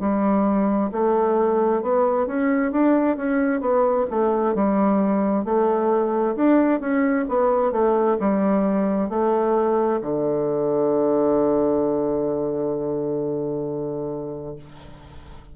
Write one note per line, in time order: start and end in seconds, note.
0.00 0.91 G3
0.92 1.82 A3
1.82 2.27 B3
2.27 2.72 C#4
2.72 3.17 D4
3.17 3.61 C#4
3.61 4.06 B3
4.10 4.55 A3
4.55 5.45 G3
5.45 6.36 A3
6.36 6.80 D4
6.80 7.26 C#4
7.29 7.72 B3
7.72 8.17 A3
8.20 9.09 G3
9.09 10.00 A3
10.01 14.56 D3